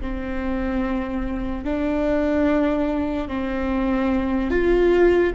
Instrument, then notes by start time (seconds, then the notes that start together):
viola
0.00 C4
1.64 D4
3.28 C4
4.50 F4